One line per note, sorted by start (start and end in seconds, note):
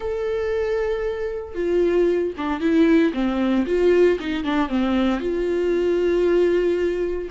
0.00 1.55 A4
1.55 2.33 F4
2.37 2.60 D4
2.60 3.12 E4
3.13 3.65 C4
3.66 4.18 F4
4.19 4.44 D#4
4.44 4.68 D4
4.68 5.20 C4
5.20 7.29 F4